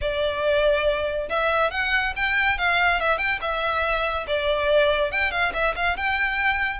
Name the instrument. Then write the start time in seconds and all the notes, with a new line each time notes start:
violin
0.01 D5
1.29 E5
1.71 F#5
2.16 G5
2.58 F5
3.00 E5
3.17 G5
3.41 E5
4.27 D5
5.11 G5
5.31 F5
5.53 E5
5.75 F5
5.96 G5